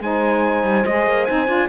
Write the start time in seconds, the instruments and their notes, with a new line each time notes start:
0.00 cello G#3, saxophone D#4, horn C5, trumpet G#5
0.63 cello G3
0.85 cello G#3, saxophone G#4, trumpet D#5
1.06 cello A#3
1.25 cello C4, saxophone D#4, trumpet G#5
1.47 cello D4, saxophone F4